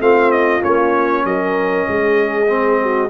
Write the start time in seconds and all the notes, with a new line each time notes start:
0.00 A3 C4 F4 F5
0.31 D#5
0.61 A#3 C#4 C#5
1.24 F#3 A#4 D#5
1.88 G#3 G#4
2.47 C4
2.81 F#4